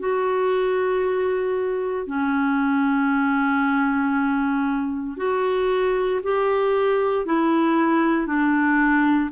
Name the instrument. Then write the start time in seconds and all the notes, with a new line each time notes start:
clarinet
0.00 F#4
2.07 C#4
5.18 F#4
6.24 G4
7.26 E4
8.27 D4